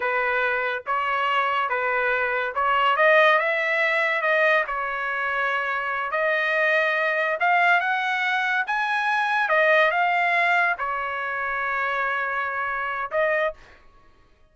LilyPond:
\new Staff \with { instrumentName = "trumpet" } { \time 4/4 \tempo 4 = 142 b'2 cis''2 | b'2 cis''4 dis''4 | e''2 dis''4 cis''4~ | cis''2~ cis''8 dis''4.~ |
dis''4. f''4 fis''4.~ | fis''8 gis''2 dis''4 f''8~ | f''4. cis''2~ cis''8~ | cis''2. dis''4 | }